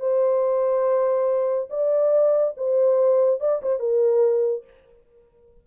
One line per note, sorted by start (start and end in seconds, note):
0.00 1.69 C5
1.70 2.54 D5
2.57 3.41 C5
3.41 3.62 D5
3.62 3.80 C5
3.80 4.64 A#4